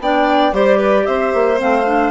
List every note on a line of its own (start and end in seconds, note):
0.00 0.53 B3
0.00 0.53 D4
0.00 0.54 D5
0.00 0.54 G5
0.53 1.06 G3
0.53 1.56 G4
0.53 0.77 C5
0.53 1.06 D5
0.77 1.04 B4
1.06 1.34 C4
1.06 2.11 C5
1.06 1.59 E5
1.34 1.60 A#3
1.56 1.83 C4
1.56 2.11 F5
1.62 2.11 A3
1.86 2.11 D4